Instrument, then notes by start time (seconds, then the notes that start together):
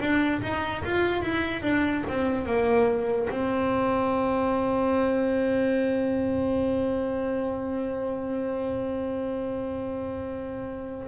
double bass
0.00 D4
0.41 D#4
0.84 F4
1.22 E4
1.62 D4
2.08 C4
2.45 A#3
3.30 C4